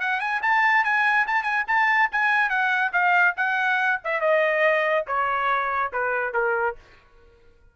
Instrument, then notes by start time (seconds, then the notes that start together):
trumpet
0.00 F#5
0.20 G#5
0.42 A5
0.84 G#5
1.27 A5
1.43 G#5
1.67 A5
2.11 G#5
2.49 F#5
2.92 F5
3.36 F#5
4.04 E5
4.21 D#5
5.07 C#5
5.92 B4
6.33 A#4